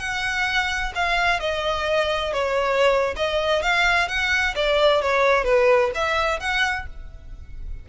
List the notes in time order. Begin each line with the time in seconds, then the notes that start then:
0.00 F#5
0.95 F5
1.40 D#5
2.33 C#5
3.17 D#5
3.63 F5
4.08 F#5
4.56 D5
5.02 C#5
5.45 B4
5.95 E5
6.40 F#5